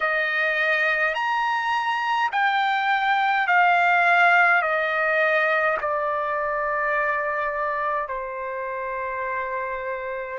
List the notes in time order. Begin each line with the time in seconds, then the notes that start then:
0.00 D#5
1.14 A#5
2.32 G5
3.47 F5
4.62 D#5
5.81 D5
8.08 C5